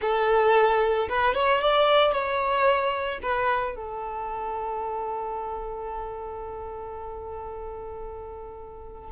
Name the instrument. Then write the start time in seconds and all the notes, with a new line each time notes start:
violin
0.01 A4
1.09 B4
1.34 C#5
1.61 D5
2.12 C#5
3.22 B4
3.75 A4